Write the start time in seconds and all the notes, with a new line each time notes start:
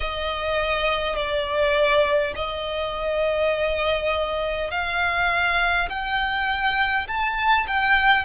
0.00 D#5
1.16 D5
2.35 D#5
4.71 F5
5.89 G5
7.07 A5
7.67 G5